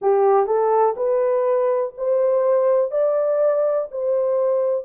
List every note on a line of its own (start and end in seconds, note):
0.01 0.46 G4
0.46 0.95 A4
0.96 1.93 B4
1.97 2.91 C5
2.91 3.88 D5
3.91 4.85 C5